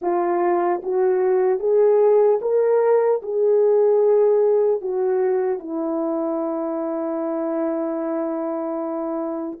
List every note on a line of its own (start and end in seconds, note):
0.01 0.81 F4
0.82 1.59 F#4
1.59 2.39 G#4
2.41 3.21 A#4
3.22 4.81 G#4
4.81 5.59 F#4
5.59 9.59 E4